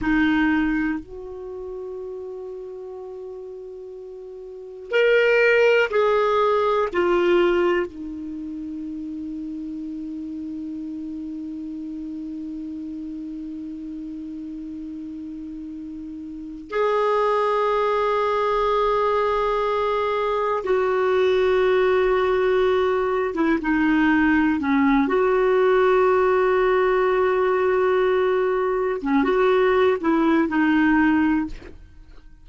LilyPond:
\new Staff \with { instrumentName = "clarinet" } { \time 4/4 \tempo 4 = 61 dis'4 fis'2.~ | fis'4 ais'4 gis'4 f'4 | dis'1~ | dis'1~ |
dis'4 gis'2.~ | gis'4 fis'2~ fis'8. e'16 | dis'4 cis'8 fis'2~ fis'8~ | fis'4. cis'16 fis'8. e'8 dis'4 | }